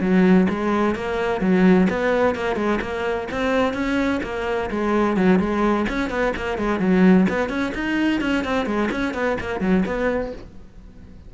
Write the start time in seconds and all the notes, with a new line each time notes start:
0.00 F#3
0.49 G#3
0.95 A#3
1.40 F#3
1.89 B3
2.35 A#3
2.55 G#3
2.81 A#3
3.31 C4
3.74 C#4
4.23 A#3
4.70 G#3
5.16 F#3
5.39 G#3
5.88 C#4
6.10 B3
6.36 A#3
6.58 G#3
6.79 F#3
7.29 B3
7.49 C#4
7.74 D#4
8.21 C#4
8.44 C4
8.66 G#3
8.91 C#4
9.14 B3
9.40 A#3
9.60 F#3
9.85 B3